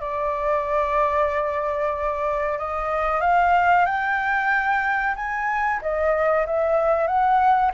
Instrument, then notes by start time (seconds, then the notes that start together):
flute
0.00 D5
2.58 D#5
3.21 F5
3.86 G5
5.16 G#5
5.82 D#5
6.46 E5
7.07 F#5